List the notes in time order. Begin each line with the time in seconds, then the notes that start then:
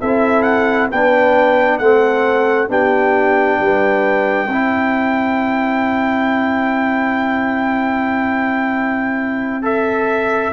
0.00 C4 E4 A4 E5
0.42 F#5
0.90 B3 D4 B4 G5
1.78 A3 C4 A4 F#5
2.68 B3 D4 G4 G5
3.60 G3 B4
4.47 C4 E4 C5
9.62 A4 E5